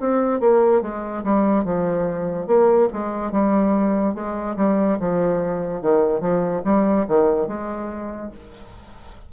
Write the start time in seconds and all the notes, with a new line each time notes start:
0.00 C4
0.41 A#3
0.82 G#3
1.24 G3
1.65 F3
2.47 A#3
2.93 G#3
3.32 G3
4.15 G#3
4.57 G3
5.00 F3
5.82 D#3
6.21 F3
6.65 G3
7.08 D#3
7.48 G#3